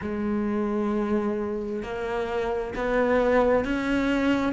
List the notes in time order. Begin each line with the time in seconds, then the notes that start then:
0.01 G#3
1.83 A#3
2.75 B3
3.64 C#4